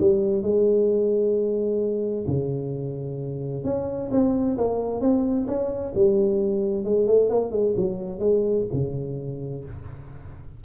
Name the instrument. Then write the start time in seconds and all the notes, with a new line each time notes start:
tuba
0.00 G3
0.43 G#3
2.27 C#3
3.64 C#4
4.11 C4
4.58 A#3
5.01 C4
5.47 C#4
5.95 G3
6.85 G#3
7.07 A3
7.29 A#3
7.52 G#3
7.77 F#3
8.19 G#3
8.73 C#3